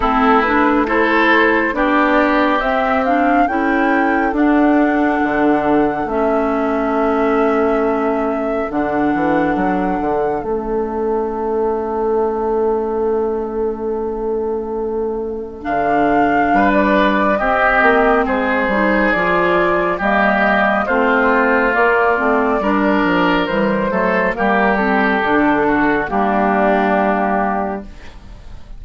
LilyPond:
<<
  \new Staff \with { instrumentName = "flute" } { \time 4/4 \tempo 4 = 69 a'8 b'8 c''4 d''4 e''8 f''8 | g''4 fis''2 e''4~ | e''2 fis''2 | e''1~ |
e''2 f''4~ f''16 d''8. | dis''4 c''4 d''4 dis''4 | c''4 d''2 c''4 | ais'8 a'4. g'2 | }
  \new Staff \with { instrumentName = "oboe" } { \time 4/4 e'4 a'4 g'2 | a'1~ | a'1~ | a'1~ |
a'2. b'4 | g'4 gis'2 g'4 | f'2 ais'4. a'8 | g'4. fis'8 d'2 | }
  \new Staff \with { instrumentName = "clarinet" } { \time 4/4 c'8 d'8 e'4 d'4 c'8 d'8 | e'4 d'2 cis'4~ | cis'2 d'2 | cis'1~ |
cis'2 d'2 | c'4. dis'8 f'4 ais4 | c'4 ais8 c'8 d'4 g8 a8 | ais8 c'8 d'4 ais2 | }
  \new Staff \with { instrumentName = "bassoon" } { \time 4/4 a2 b4 c'4 | cis'4 d'4 d4 a4~ | a2 d8 e8 fis8 d8 | a1~ |
a2 d4 g4 | c'8 ais8 gis8 g8 f4 g4 | a4 ais8 a8 g8 f8 e8 fis8 | g4 d4 g2 | }
>>